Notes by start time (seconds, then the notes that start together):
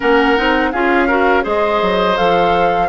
0.00 A#3 C#4 A#4 F#5
0.36 C4 D#4
0.72 C#4 F4 G#4 F5
1.07 F#4 A#4
1.42 G#3 G#4 C5 D#5
1.81 F#3
2.16 F3 A4 F5